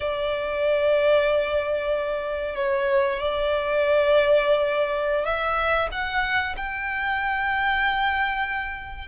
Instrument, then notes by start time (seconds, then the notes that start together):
violin
0.00 D5
2.55 C#5
3.19 D5
5.25 E5
5.91 F#5
6.57 G5